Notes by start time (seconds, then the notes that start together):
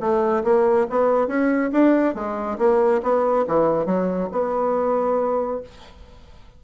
0.00 A3
0.44 A#3
0.90 B3
1.27 C#4
1.72 D4
2.14 G#3
2.58 A#3
3.02 B3
3.47 E3
3.85 F#3
4.31 B3